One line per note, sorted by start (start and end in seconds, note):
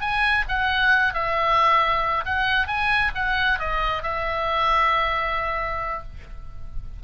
0.00 0.44 G#5
0.48 1.13 F#5
1.13 2.24 E5
2.25 2.67 F#5
2.67 3.11 G#5
3.14 3.59 F#5
3.59 4.02 D#5
4.02 6.02 E5